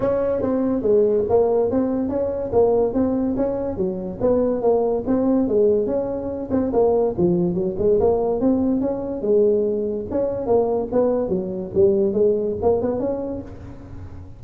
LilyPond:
\new Staff \with { instrumentName = "tuba" } { \time 4/4 \tempo 4 = 143 cis'4 c'4 gis4 ais4 | c'4 cis'4 ais4 c'4 | cis'4 fis4 b4 ais4 | c'4 gis4 cis'4. c'8 |
ais4 f4 fis8 gis8 ais4 | c'4 cis'4 gis2 | cis'4 ais4 b4 fis4 | g4 gis4 ais8 b8 cis'4 | }